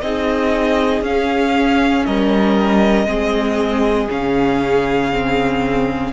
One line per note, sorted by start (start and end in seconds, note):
0.00 1.01 C4
0.00 1.04 D#4
0.00 2.06 G#4
0.00 1.02 D#5
1.01 2.03 C#4
1.01 3.06 C#4
1.01 2.05 F5
2.05 3.06 G3
2.05 3.07 A#4
2.05 4.08 D#5
3.06 4.08 G#3
3.06 4.08 C4
3.06 6.12 G#4
4.09 6.13 C#3
4.09 5.11 C#4
4.09 6.13 F5
5.12 6.13 C4